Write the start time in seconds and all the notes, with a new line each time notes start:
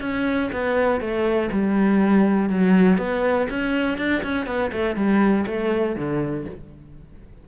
0.00 C#4
0.52 B3
1.00 A3
1.51 G3
2.49 F#3
2.97 B3
3.50 C#4
3.98 D4
4.23 C#4
4.46 B3
4.72 A3
4.95 G3
5.46 A3
5.95 D3